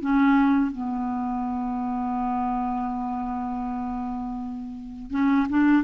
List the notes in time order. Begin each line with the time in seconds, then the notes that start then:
0.00 C#4
0.71 B3
5.10 C#4
5.48 D4